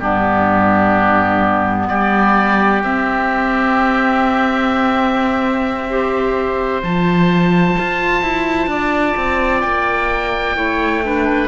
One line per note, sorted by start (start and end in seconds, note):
0.00 1.89 G2
0.00 2.84 B3
0.00 1.89 D4
0.00 1.88 G4
1.89 2.84 G3
1.89 5.88 G4
1.89 2.83 D5
2.84 6.82 C4
2.84 5.89 C4
2.84 6.82 E5
5.90 6.82 G4
5.90 8.71 C5
6.82 7.77 F3
6.82 10.56 F4
6.82 9.62 A5
7.79 8.23 F4
8.23 8.67 E4
8.67 9.14 D4
8.67 10.57 D5
9.17 9.64 C4
9.62 10.56 A#3
9.62 11.48 G5
10.56 11.48 A3
10.56 11.03 E4
10.56 11.04 C#5
11.04 11.48 D4
11.04 11.48 B4